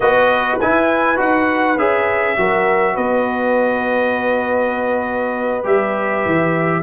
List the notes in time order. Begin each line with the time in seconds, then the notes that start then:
0.00 B3 F#4 B4 D#5
0.60 E4 G#5
1.16 D#4 F#4 F#5
1.77 C#4 G#4 E5
2.37 F#3 F#4 A#4
2.94 B3 B4 D#5
5.63 G3 G4 E5
6.25 E3